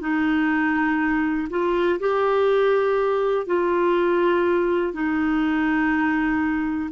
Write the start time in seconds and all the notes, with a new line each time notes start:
0.00 D#4
1.49 F4
1.99 G4
3.46 F4
4.93 D#4